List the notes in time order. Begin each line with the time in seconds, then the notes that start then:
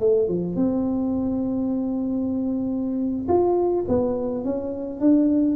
0.00 A3
0.28 F3
0.56 C4
3.28 F4
3.88 B3
4.45 C#4
5.01 D4